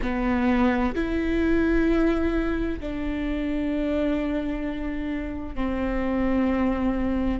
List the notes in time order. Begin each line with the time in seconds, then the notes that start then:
0.02 B3
0.94 E4
2.79 D4
5.55 C4